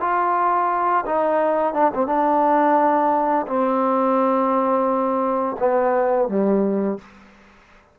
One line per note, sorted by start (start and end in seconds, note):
0.00 1.05 F4
1.05 1.74 D#4
1.74 1.91 D4
1.94 2.06 C4
2.06 3.46 D4
3.47 5.56 C4
5.59 6.28 B3
6.28 6.98 G3